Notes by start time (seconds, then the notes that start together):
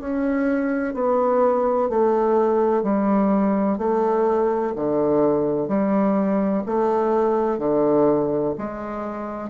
0.00 C#4
0.94 B3
1.90 A3
2.83 G3
3.78 A3
4.76 D3
5.68 G3
6.66 A3
7.58 D3
8.58 G#3